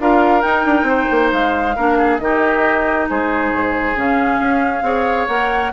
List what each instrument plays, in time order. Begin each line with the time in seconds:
0.00 bassoon D4, clarinet F4, oboe A#4, flute F5
0.41 clarinet D#4, bassoon D#4, flute G5
0.65 bassoon D4
0.83 bassoon C4, oboe C5
1.11 bassoon A#3
1.33 bassoon G#3, flute F5
1.76 bassoon A#3, clarinet D4, oboe A#4
1.98 oboe G#4
2.18 bassoon D#3, clarinet D#4, oboe G4, flute D#5
3.09 bassoon G#3, oboe G#4, flute C5
3.52 bassoon G#2
3.95 bassoon C#3, clarinet C#4, flute F5
4.40 bassoon C#4
4.82 bassoon C4, clarinet G#4, oboe C#5
5.28 bassoon A#3, clarinet A#4, flute F#5